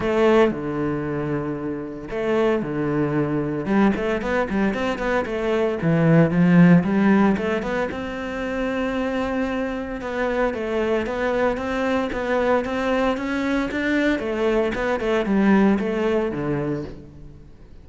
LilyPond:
\new Staff \with { instrumentName = "cello" } { \time 4/4 \tempo 4 = 114 a4 d2. | a4 d2 g8 a8 | b8 g8 c'8 b8 a4 e4 | f4 g4 a8 b8 c'4~ |
c'2. b4 | a4 b4 c'4 b4 | c'4 cis'4 d'4 a4 | b8 a8 g4 a4 d4 | }